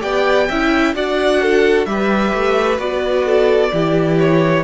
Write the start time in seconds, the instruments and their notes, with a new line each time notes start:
0.00 cello B3, viola G4, violin D5 G5
0.48 cello C#4, viola E4, violin E5
0.94 cello D4, viola F#4, violin D5 F#5
1.41 violin A4
1.85 cello G3, viola G4, violin B4 E5
2.33 cello A3
2.78 cello B3, viola F#4, violin D5
3.25 violin A4
3.72 cello E3, viola E4, violin G4
4.18 violin C#5